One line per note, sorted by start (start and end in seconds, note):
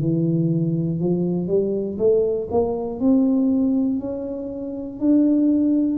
0.00 1.00 E3
1.00 1.47 F3
1.47 1.97 G3
1.99 2.49 A3
2.51 3.00 A#3
3.00 4.00 C4
4.00 5.00 C#4
5.00 5.98 D4